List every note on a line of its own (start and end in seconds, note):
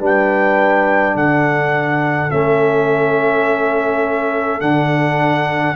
0.00 1.16 G3
0.00 2.30 D4
0.00 1.15 B4
0.00 1.17 G5
1.15 2.31 D3
1.15 5.76 A4
1.15 2.31 F#5
2.30 4.62 A3
2.30 4.61 C#4
2.30 4.61 E5
4.61 5.76 D3
4.61 5.76 D4
4.61 5.76 F#5